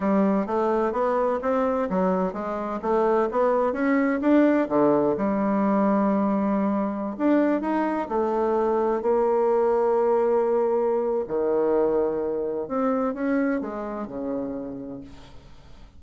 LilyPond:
\new Staff \with { instrumentName = "bassoon" } { \time 4/4 \tempo 4 = 128 g4 a4 b4 c'4 | fis4 gis4 a4 b4 | cis'4 d'4 d4 g4~ | g2.~ g16 d'8.~ |
d'16 dis'4 a2 ais8.~ | ais1 | dis2. c'4 | cis'4 gis4 cis2 | }